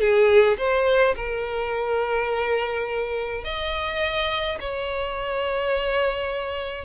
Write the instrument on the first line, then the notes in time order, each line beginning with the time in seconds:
violin
0.00 G#4
0.58 C5
1.16 A#4
3.44 D#5
4.60 C#5